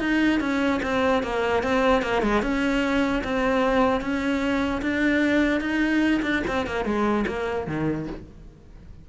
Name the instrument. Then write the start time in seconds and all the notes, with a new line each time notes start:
cello
0.00 D#4
0.40 C#4
0.83 C4
1.23 A#3
1.63 C4
2.02 A#3
2.23 G#3
2.43 C#4
3.24 C4
4.01 C#4
4.82 D4
5.61 D#4
6.23 D4
6.48 C4
6.67 A#3
6.85 G#3
7.27 A#3
7.67 D#3